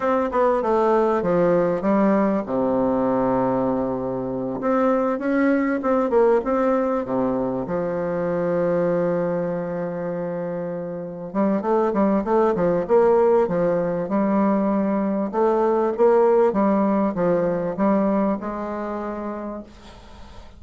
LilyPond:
\new Staff \with { instrumentName = "bassoon" } { \time 4/4 \tempo 4 = 98 c'8 b8 a4 f4 g4 | c2.~ c8 c'8~ | c'8 cis'4 c'8 ais8 c'4 c8~ | c8 f2.~ f8~ |
f2~ f8 g8 a8 g8 | a8 f8 ais4 f4 g4~ | g4 a4 ais4 g4 | f4 g4 gis2 | }